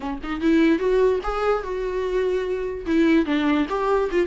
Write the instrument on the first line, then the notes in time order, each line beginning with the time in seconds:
viola
0.00 C#4
0.23 D#4
0.41 E4
0.78 F#4
1.23 G#4
1.63 F#4
2.86 E4
3.25 D4
3.69 G4
4.11 F4